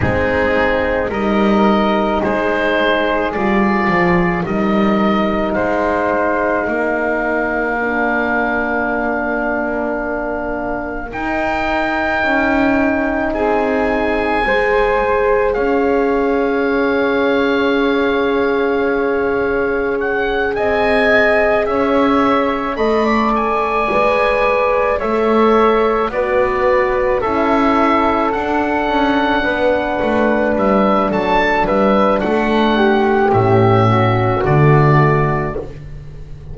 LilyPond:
<<
  \new Staff \with { instrumentName = "oboe" } { \time 4/4 \tempo 4 = 54 gis'4 dis''4 c''4 d''4 | dis''4 f''2.~ | f''2 g''2 | gis''2 f''2~ |
f''2 fis''8 gis''4 e''8~ | e''8 b''8 gis''4. e''4 d''8~ | d''8 e''4 fis''2 e''8 | a''8 e''8 fis''4 e''4 d''4 | }
  \new Staff \with { instrumentName = "flute" } { \time 4/4 dis'4 ais'4 gis'2 | ais'4 c''4 ais'2~ | ais'1 | gis'4 c''4 cis''2~ |
cis''2~ cis''8 dis''4 cis''8~ | cis''8 dis''16 d''4.~ d''16 cis''4 b'8~ | b'8 a'2 b'4. | a'8 b'8 a'8 g'4 fis'4. | }
  \new Staff \with { instrumentName = "horn" } { \time 4/4 c'4 dis'2 f'4 | dis'2. d'4~ | d'2 dis'2~ | dis'4 gis'2.~ |
gis'1~ | gis'8 a'4 b'4 a'4 fis'8~ | fis'8 e'4 d'2~ d'8~ | d'2 cis'4 a4 | }
  \new Staff \with { instrumentName = "double bass" } { \time 4/4 gis4 g4 gis4 g8 f8 | g4 gis4 ais2~ | ais2 dis'4 cis'4 | c'4 gis4 cis'2~ |
cis'2~ cis'8 c'4 cis'8~ | cis'8 a4 gis4 a4 b8~ | b8 cis'4 d'8 cis'8 b8 a8 g8 | fis8 g8 a4 a,4 d4 | }
>>